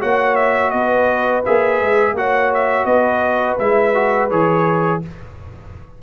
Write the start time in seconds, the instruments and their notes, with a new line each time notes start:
0.00 tuba A#3, trombone F#4, horn C#5, trumpet F#5
0.35 trumpet E5
0.70 tuba B3, horn B4, trumpet D#5
1.45 tuba A#3, trombone G#4, trumpet E5
1.81 tuba G#3
2.13 tuba A#3, trombone F#4, horn C#5, trumpet F#5
2.54 trumpet E5
2.84 tuba B3, horn B4, trumpet D#5
3.58 tuba G#3, trombone E4, trumpet E5
3.94 trombone F#4
4.30 tuba E3, trombone G#4, trumpet C#5